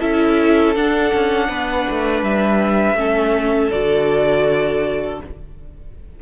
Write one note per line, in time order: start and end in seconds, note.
0.00 0.76 C#4
0.00 0.75 E4
0.00 1.48 A4
0.00 0.75 E5
0.76 2.96 D4
0.76 1.13 D4
0.76 2.24 F#5
1.14 1.50 C#4
1.48 1.87 B3
1.48 2.97 B4
1.90 2.23 A3
2.23 2.95 G3
2.23 3.72 E5
2.95 3.69 A3
2.95 3.71 C#4
2.95 5.23 A4
3.72 5.21 D3
3.72 5.20 F#4
3.72 5.20 D5